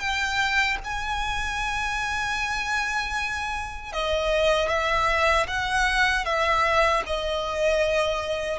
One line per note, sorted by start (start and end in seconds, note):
0.00 0.78 G5
0.84 3.93 G#5
3.93 4.69 D#5
4.69 5.47 E5
5.48 6.26 F#5
6.26 7.03 E5
7.07 8.59 D#5